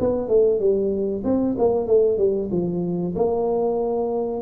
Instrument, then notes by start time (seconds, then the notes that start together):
tuba
0.00 B3
0.28 A3
0.60 G3
1.25 C4
1.58 A#3
1.87 A3
2.18 G3
2.51 F3
3.16 A#3